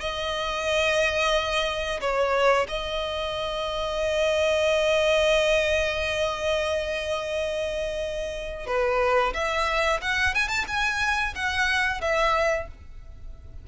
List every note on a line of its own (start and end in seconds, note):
0.00 2.00 D#5
2.00 2.67 C#5
2.68 8.67 D#5
8.67 9.33 B4
9.34 10.01 E5
10.02 10.35 F#5
10.35 10.48 G#5
10.48 10.65 A5
10.67 11.34 G#5
11.35 12.01 F#5
12.01 12.68 E5